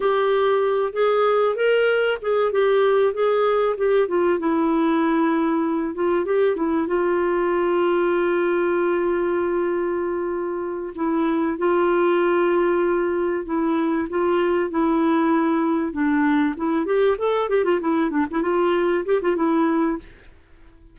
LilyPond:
\new Staff \with { instrumentName = "clarinet" } { \time 4/4 \tempo 4 = 96 g'4. gis'4 ais'4 gis'8 | g'4 gis'4 g'8 f'8 e'4~ | e'4. f'8 g'8 e'8 f'4~ | f'1~ |
f'4. e'4 f'4.~ | f'4. e'4 f'4 e'8~ | e'4. d'4 e'8 g'8 a'8 | g'16 f'16 e'8 d'16 e'16 f'4 g'16 f'16 e'4 | }